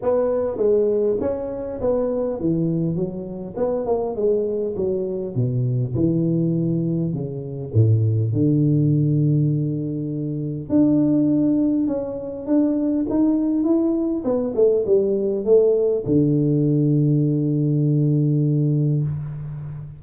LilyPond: \new Staff \with { instrumentName = "tuba" } { \time 4/4 \tempo 4 = 101 b4 gis4 cis'4 b4 | e4 fis4 b8 ais8 gis4 | fis4 b,4 e2 | cis4 a,4 d2~ |
d2 d'2 | cis'4 d'4 dis'4 e'4 | b8 a8 g4 a4 d4~ | d1 | }